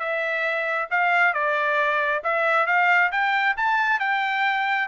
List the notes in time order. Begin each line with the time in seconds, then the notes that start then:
0.00 E5
0.91 F5
1.34 D5
2.24 E5
2.67 F5
3.12 G5
3.57 A5
4.00 G5